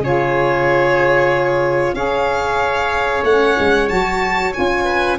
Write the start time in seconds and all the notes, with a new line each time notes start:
0.00 C#3 F4 G#4 C#5
1.94 C#4 G#4 C#5 F5
3.24 A3 C#4 F#5
3.59 G#3
3.89 F#3 F#4 A5
4.54 C#4 F4 G#5
4.85 B4